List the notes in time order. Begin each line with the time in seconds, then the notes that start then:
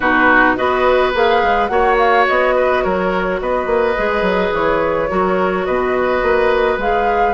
0.00 B2 D#4 F#4 B4
0.55 B3 F#4 B4 D#5
1.14 A#3 G#4 F5
1.43 G#3
1.67 A#3 F#4 C#5 F#5
1.98 F5
2.27 B3 D#5
2.55 B4
2.83 F#3 A#4 C#5
3.40 B3 B4 D#5
3.66 A#3
3.97 G#3 G#4
4.21 F#3
4.52 E3 C#5
5.08 F#3 F#4 A#4
5.65 B2 B4 D#5
6.22 A#3
6.77 G#3 G#4 F5